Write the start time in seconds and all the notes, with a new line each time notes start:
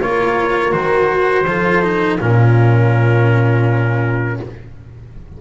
0.00 A#3 F4 A#4 C#5
0.72 D#3 F#4 C5
1.46 F3 F4 A4
1.83 D#4
2.20 A#2 C#4 F4 A#4